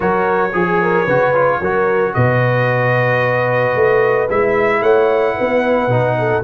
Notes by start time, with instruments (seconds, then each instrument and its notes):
0.00 tuba F#3, trombone F#4, horn A#4, trumpet C#5
0.53 tuba F3, trombone G#4, horn G#4
0.82 horn A#4
1.04 tuba C#3, trombone F#4, horn B4
1.34 trombone F4
1.60 tuba F#3, trombone F#4, horn A#4
2.14 tuba B2, horn B4, trumpet D#5
3.75 tuba A3
4.28 tuba G#3, trombone E4, trumpet E5
4.81 tuba A3, horn C#5, trumpet F#5
5.35 tuba B3, horn B4
5.87 tuba B2, trombone D#4
6.18 horn A4